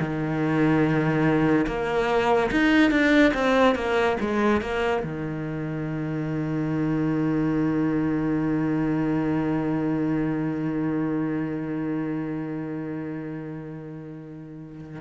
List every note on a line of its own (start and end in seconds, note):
0.00 1.67 D#3
1.67 2.51 A#3
2.52 2.91 D#4
2.91 3.33 D4
3.34 3.75 C4
3.75 4.17 A#3
4.21 4.62 G#3
4.62 5.03 A#3
5.04 15.01 D#3